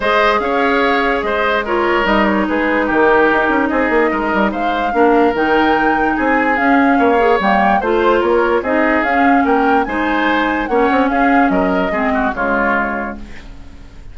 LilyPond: <<
  \new Staff \with { instrumentName = "flute" } { \time 4/4 \tempo 4 = 146 dis''4 f''2 dis''4 | cis''4 dis''8 cis''8 b'4 ais'4~ | ais'4 dis''2 f''4~ | f''4 g''2 gis''4 |
f''2 g''4 c''4 | cis''4 dis''4 f''4 g''4 | gis''2 fis''4 f''4 | dis''2 cis''2 | }
  \new Staff \with { instrumentName = "oboe" } { \time 4/4 c''4 cis''2 c''4 | ais'2 gis'4 g'4~ | g'4 gis'4 ais'4 c''4 | ais'2. gis'4~ |
gis'4 cis''2 c''4 | ais'4 gis'2 ais'4 | c''2 cis''4 gis'4 | ais'4 gis'8 fis'8 f'2 | }
  \new Staff \with { instrumentName = "clarinet" } { \time 4/4 gis'1 | f'4 dis'2.~ | dis'1 | d'4 dis'2. |
cis'4. gis'8 ais4 f'4~ | f'4 dis'4 cis'2 | dis'2 cis'2~ | cis'4 c'4 gis2 | }
  \new Staff \with { instrumentName = "bassoon" } { \time 4/4 gis4 cis'2 gis4~ | gis4 g4 gis4 dis4 | dis'8 cis'8 c'8 ais8 gis8 g8 gis4 | ais4 dis2 c'4 |
cis'4 ais4 g4 a4 | ais4 c'4 cis'4 ais4 | gis2 ais8 c'8 cis'4 | fis4 gis4 cis2 | }
>>